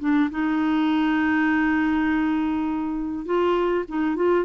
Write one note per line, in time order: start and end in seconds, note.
0.00 0.30 D4
0.31 3.25 D#4
3.25 3.85 F4
3.88 4.16 D#4
4.16 4.45 F4